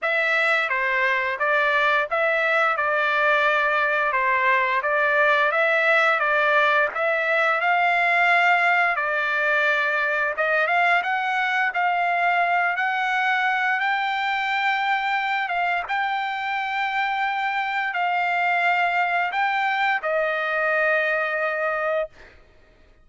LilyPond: \new Staff \with { instrumentName = "trumpet" } { \time 4/4 \tempo 4 = 87 e''4 c''4 d''4 e''4 | d''2 c''4 d''4 | e''4 d''4 e''4 f''4~ | f''4 d''2 dis''8 f''8 |
fis''4 f''4. fis''4. | g''2~ g''8 f''8 g''4~ | g''2 f''2 | g''4 dis''2. | }